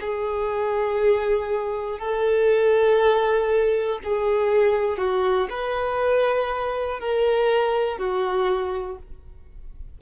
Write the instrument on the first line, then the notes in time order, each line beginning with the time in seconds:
violin
0.00 G#4
1.99 A4
4.04 G#4
4.97 F#4
5.49 B4
6.99 A#4
7.97 F#4